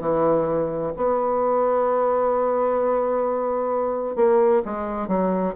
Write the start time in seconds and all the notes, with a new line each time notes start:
0.00 E3
0.96 B3
4.16 A#3
4.64 G#3
5.07 F#3